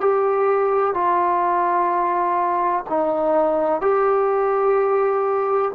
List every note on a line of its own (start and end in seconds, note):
0.00 0.94 G4
0.94 2.84 F4
2.89 3.81 D#4
3.81 5.71 G4